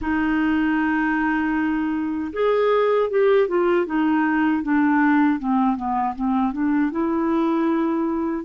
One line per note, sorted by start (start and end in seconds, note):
0.01 2.31 D#4
2.33 3.09 G#4
3.10 3.48 G4
3.48 3.86 F4
3.86 4.62 D#4
4.62 5.38 D4
5.38 5.76 C4
5.76 6.14 B3
6.15 6.52 C4
6.52 6.91 D4
6.91 8.44 E4